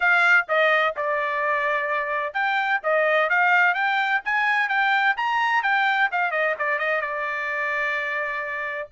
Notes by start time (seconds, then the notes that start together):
0.00 F5
0.48 D#5
0.96 D5
2.33 G5
2.83 D#5
3.29 F5
3.74 G5
4.24 G#5
4.68 G5
5.16 A#5
5.62 G5
6.11 F5
6.31 D#5
6.59 D5
6.78 D#5
7.01 D5